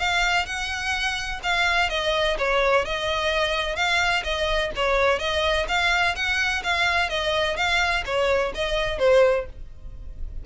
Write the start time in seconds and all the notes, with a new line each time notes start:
0.00 F5
0.46 F#5
1.44 F5
1.90 D#5
2.39 C#5
2.86 D#5
3.76 F5
4.25 D#5
4.76 C#5
5.19 D#5
5.69 F5
6.16 F#5
6.64 F5
7.10 D#5
7.57 F5
8.06 C#5
8.55 D#5
8.99 C5